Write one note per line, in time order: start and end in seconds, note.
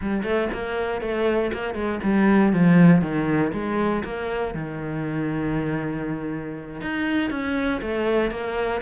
0.01 0.23 G3
0.23 0.48 A3
0.53 1.01 A#3
1.01 1.51 A3
1.53 1.74 A#3
1.74 1.99 G#3
2.03 2.52 G3
2.52 3.01 F3
3.01 3.52 D#3
3.52 4.03 G#3
4.04 4.54 A#3
4.54 6.81 D#3
6.81 7.30 D#4
7.30 7.80 C#4
7.81 8.31 A3
8.31 8.81 A#3